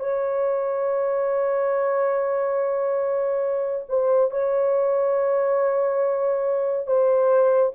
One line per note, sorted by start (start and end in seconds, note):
0.00 3.86 C#5
3.89 4.31 C5
4.31 6.87 C#5
6.87 7.73 C5